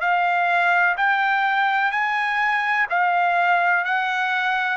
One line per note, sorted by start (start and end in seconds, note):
0.00 0.95 F5
0.97 1.91 G5
1.91 2.86 G#5
2.90 3.84 F5
3.84 4.77 F#5